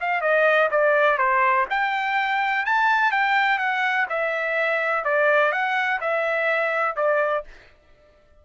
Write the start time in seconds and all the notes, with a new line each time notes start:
0.00 F5
0.21 D#5
0.71 D5
1.18 C5
1.70 G5
2.66 A5
3.11 G5
3.58 F#5
4.09 E5
5.04 D5
5.52 F#5
6.01 E5
6.96 D5